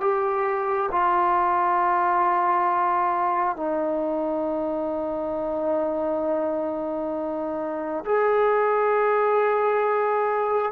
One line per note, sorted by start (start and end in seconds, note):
0.00 0.90 G4
0.91 3.56 F4
3.56 8.04 D#4
8.05 10.71 G#4